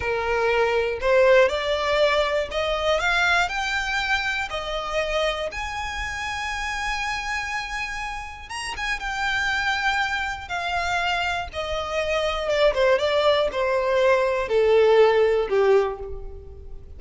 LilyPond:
\new Staff \with { instrumentName = "violin" } { \time 4/4 \tempo 4 = 120 ais'2 c''4 d''4~ | d''4 dis''4 f''4 g''4~ | g''4 dis''2 gis''4~ | gis''1~ |
gis''4 ais''8 gis''8 g''2~ | g''4 f''2 dis''4~ | dis''4 d''8 c''8 d''4 c''4~ | c''4 a'2 g'4 | }